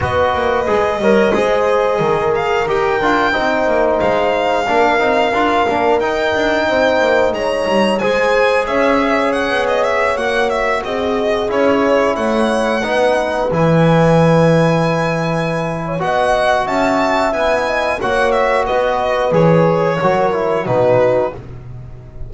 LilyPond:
<<
  \new Staff \with { instrumentName = "violin" } { \time 4/4 \tempo 4 = 90 dis''2.~ dis''8 f''8 | g''2 f''2~ | f''4 g''2 ais''4 | gis''4 e''4 fis''8 dis''16 e''8 fis''8 e''16~ |
e''16 dis''4 cis''4 fis''4.~ fis''16~ | fis''16 gis''2.~ gis''8. | fis''4 a''4 gis''4 fis''8 e''8 | dis''4 cis''2 b'4 | }
  \new Staff \with { instrumentName = "horn" } { \time 4/4 b'4. cis''8 c''4 ais'4~ | ais'4 c''2 ais'4~ | ais'2 c''4 cis''4 | c''4 cis''2.~ |
cis''16 gis'2 cis''4 b'8.~ | b'2.~ b'8. cis''16 | dis''4 e''4. dis''8 cis''4 | b'2 ais'4 fis'4 | }
  \new Staff \with { instrumentName = "trombone" } { \time 4/4 fis'4 gis'8 ais'8 gis'2 | g'8 f'8 dis'2 d'8 dis'8 | f'8 d'8 dis'2. | gis'2.~ gis'16 fis'8.~ |
fis'4~ fis'16 e'2 dis'8.~ | dis'16 e'2.~ e'8. | fis'2 e'4 fis'4~ | fis'4 gis'4 fis'8 e'8 dis'4 | }
  \new Staff \with { instrumentName = "double bass" } { \time 4/4 b8 ais8 gis8 g8 gis4 dis4 | dis'8 d'8 c'8 ais8 gis4 ais8 c'8 | d'8 ais8 dis'8 d'8 c'8 ais8 gis8 g8 | gis4 cis'4~ cis'16 b4 ais8.~ |
ais16 c'4 cis'4 a4 b8.~ | b16 e2.~ e8. | b4 cis'4 b4 ais4 | b4 e4 fis4 b,4 | }
>>